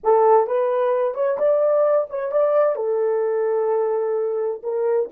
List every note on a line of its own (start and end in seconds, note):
0.03 0.46 A4
0.46 1.14 B4
1.14 1.37 C#5
1.38 2.07 D5
2.09 2.31 C#5
2.31 2.75 D5
2.75 4.61 A4
4.63 5.09 A#4